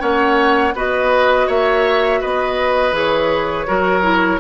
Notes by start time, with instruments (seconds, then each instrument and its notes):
0.00 bassoon A#3, clarinet C#4, oboe C#5, flute F#5
0.75 bassoon B3, clarinet F#4, oboe B4, flute D#5
1.48 bassoon A#3, oboe C#5, flute E5
2.21 bassoon B3, oboe B4, flute D#5
2.92 bassoon E3, clarinet G#4
2.98 flute C#5
3.68 bassoon F#3, clarinet F#4, oboe A#4
4.03 clarinet E4